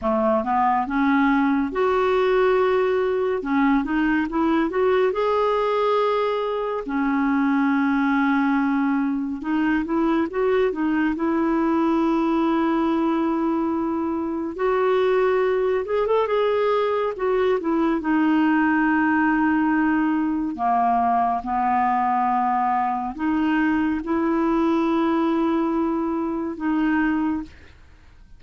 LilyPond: \new Staff \with { instrumentName = "clarinet" } { \time 4/4 \tempo 4 = 70 a8 b8 cis'4 fis'2 | cis'8 dis'8 e'8 fis'8 gis'2 | cis'2. dis'8 e'8 | fis'8 dis'8 e'2.~ |
e'4 fis'4. gis'16 a'16 gis'4 | fis'8 e'8 dis'2. | ais4 b2 dis'4 | e'2. dis'4 | }